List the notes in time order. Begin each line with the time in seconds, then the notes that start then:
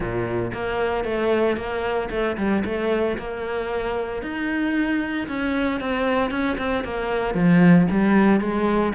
0.00 A#2
0.53 A#3
1.04 A3
1.56 A#3
2.10 A3
2.37 G3
2.65 A3
3.17 A#3
4.22 D#4
5.28 C#4
5.80 C4
6.30 C#4
6.58 C4
6.83 A#3
7.34 F3
7.90 G3
8.40 G#3